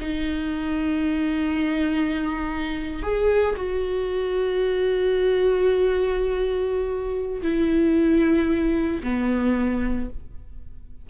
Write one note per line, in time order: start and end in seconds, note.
0.00 3.02 D#4
3.02 3.56 G#4
3.56 7.41 F#4
7.41 9.01 E4
9.03 10.09 B3